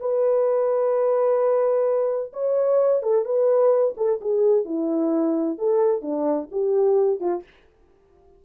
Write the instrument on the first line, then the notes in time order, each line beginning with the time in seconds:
horn
0.00 B4
2.33 C#5
3.03 A4
3.25 B4
3.97 A4
4.21 G#4
4.65 E4
5.58 A4
6.02 D4
6.52 G4
7.21 F4